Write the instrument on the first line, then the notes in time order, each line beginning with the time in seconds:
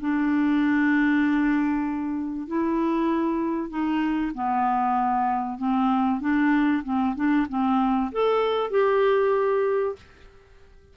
clarinet
0.00 D4
2.47 E4
3.69 D#4
4.34 B3
5.58 C4
6.20 D4
6.84 C4
7.15 D4
7.49 C4
8.12 A4
8.70 G4